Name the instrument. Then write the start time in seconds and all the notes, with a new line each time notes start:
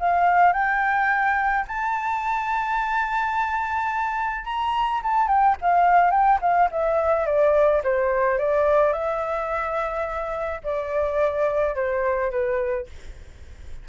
flute
0.00 F5
0.53 G5
1.68 A5
4.45 A#5
5.03 A5
5.28 G5
5.62 F5
6.11 G5
6.41 F5
6.71 E5
7.26 D5
7.84 C5
8.38 D5
8.93 E5
10.64 D5
11.76 C5
12.31 B4